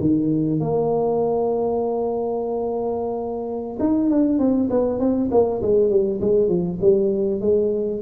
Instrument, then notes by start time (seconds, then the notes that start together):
tuba
0.00 D#3
0.60 A#3
3.80 D#4
4.10 D4
4.39 C4
4.70 B3
5.00 C4
5.31 A#3
5.62 G#3
5.90 G3
6.21 G#3
6.48 F3
6.81 G3
7.41 G#3